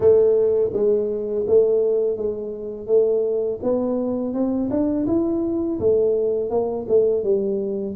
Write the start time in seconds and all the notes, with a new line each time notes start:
0.00 A3
0.73 G#3
1.47 A3
2.16 G#3
2.87 A3
3.62 B3
4.33 C4
4.70 D4
5.06 E4
5.79 A3
6.50 A#3
6.88 A3
7.23 G3